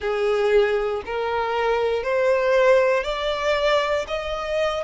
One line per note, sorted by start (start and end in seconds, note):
0.00 1.02 G#4
1.05 2.03 A#4
2.03 3.03 C5
3.03 4.05 D5
4.07 4.83 D#5